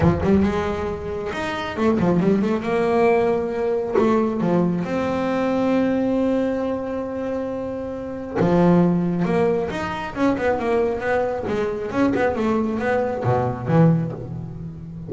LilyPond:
\new Staff \with { instrumentName = "double bass" } { \time 4/4 \tempo 4 = 136 f8 g8 gis2 dis'4 | a8 f8 g8 a8 ais2~ | ais4 a4 f4 c'4~ | c'1~ |
c'2. f4~ | f4 ais4 dis'4 cis'8 b8 | ais4 b4 gis4 cis'8 b8 | a4 b4 b,4 e4 | }